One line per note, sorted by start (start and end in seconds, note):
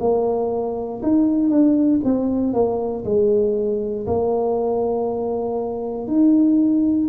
0.00 1.02 A#3
1.03 1.50 D#4
1.50 2.01 D4
2.04 2.54 C4
2.54 3.05 A#3
3.05 4.06 G#3
4.06 6.07 A#3
6.07 7.09 D#4